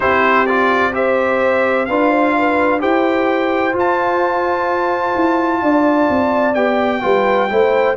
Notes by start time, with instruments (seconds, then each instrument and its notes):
0.00 tuba C4, trombone E4, horn G4, trumpet C5
0.46 trombone F4, trumpet D5
0.92 trombone G4, horn C5, trumpet E5
1.85 tuba D4, trombone F4, horn B4, trumpet F5
2.10 horn C5
2.38 horn B4
2.79 tuba E4, trombone G4, horn C5, trumpet G5
3.72 trombone F4, tuba F4
3.78 trumpet A5
5.15 tuba E4
5.62 tuba D4, horn D5
6.09 tuba C4
6.54 tuba B3, trombone G4, trumpet G5
7.01 tuba G3, trombone F4, horn B4
7.48 tuba A3, trombone E4, horn C5